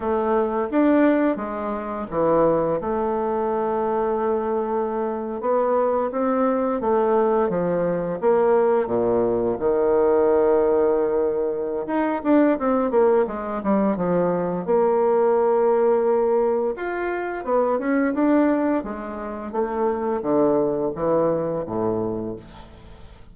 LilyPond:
\new Staff \with { instrumentName = "bassoon" } { \time 4/4 \tempo 4 = 86 a4 d'4 gis4 e4 | a2.~ a8. b16~ | b8. c'4 a4 f4 ais16~ | ais8. ais,4 dis2~ dis16~ |
dis4 dis'8 d'8 c'8 ais8 gis8 g8 | f4 ais2. | f'4 b8 cis'8 d'4 gis4 | a4 d4 e4 a,4 | }